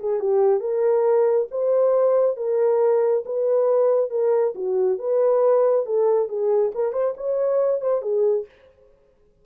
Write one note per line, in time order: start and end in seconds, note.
0.00 0.20 G#4
0.20 0.61 G4
0.61 1.48 A#4
1.51 2.37 C5
2.37 3.24 A#4
3.26 4.11 B4
4.11 4.54 A#4
4.55 4.99 F#4
4.99 5.86 B4
5.86 6.29 A4
6.29 6.72 G#4
6.75 6.93 A#4
6.93 7.15 C5
7.17 7.81 C#5
7.81 8.02 C5
8.02 8.46 G#4